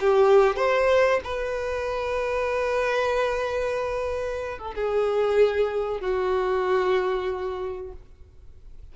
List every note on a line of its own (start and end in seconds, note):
0.00 0.56 G4
0.56 1.20 C5
1.24 4.59 B4
4.59 4.75 A4
4.75 6.01 G#4
6.01 7.92 F#4